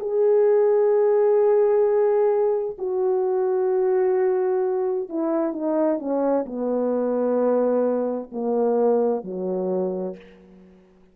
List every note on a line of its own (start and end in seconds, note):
0.00 2.77 G#4
2.78 5.09 F#4
5.09 5.53 E4
5.53 5.99 D#4
5.99 6.45 C#4
6.46 8.30 B3
8.32 9.24 A#3
9.24 10.16 F#3